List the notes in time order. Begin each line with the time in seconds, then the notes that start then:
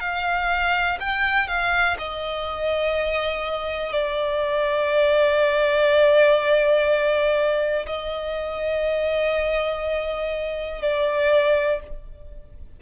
0.00 F5
1.00 G5
1.48 F5
1.99 D#5
3.93 D5
7.86 D#5
10.82 D5